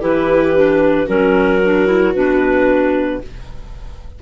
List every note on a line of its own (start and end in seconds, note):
0.00 1.08 E3
0.00 0.54 E4
0.00 1.05 G4
0.00 1.08 B4
0.56 1.07 D4
1.05 2.15 F#3
1.05 1.60 C#4
1.05 3.20 F#4
1.05 2.14 A#4
1.64 1.86 D4
1.86 2.13 E4
2.14 3.22 B2
2.14 3.22 D4
2.14 3.21 B4